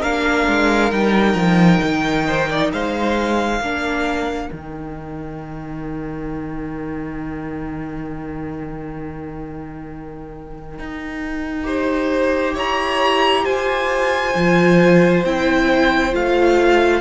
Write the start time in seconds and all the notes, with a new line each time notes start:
0.00 A#3 D4 A#4 F5
0.47 G#3
0.90 G3 D#4 G5
1.34 F3
1.82 D#3
2.27 C5
2.50 D5
2.73 G#3 C5 F5
3.60 A#3 D4 A#4
4.50 D#3 D#4 G5
10.79 D#4
11.64 G4 C5
12.54 E4 C#5 A#5
13.44 F4 C5 G#5
14.35 F3 F4
15.24 C4 E4 G5
16.12 A3 F4 F5